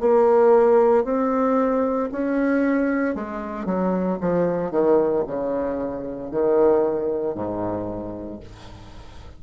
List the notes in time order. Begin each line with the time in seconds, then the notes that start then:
0.00 A#3
1.04 C4
2.11 C#4
3.15 G#3
3.65 F#3
4.21 F3
4.71 D#3
5.27 C#3
6.31 D#3
7.34 G#2